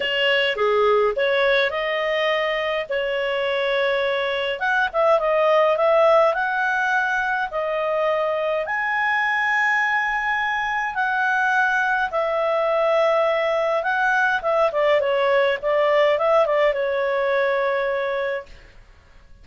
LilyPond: \new Staff \with { instrumentName = "clarinet" } { \time 4/4 \tempo 4 = 104 cis''4 gis'4 cis''4 dis''4~ | dis''4 cis''2. | fis''8 e''8 dis''4 e''4 fis''4~ | fis''4 dis''2 gis''4~ |
gis''2. fis''4~ | fis''4 e''2. | fis''4 e''8 d''8 cis''4 d''4 | e''8 d''8 cis''2. | }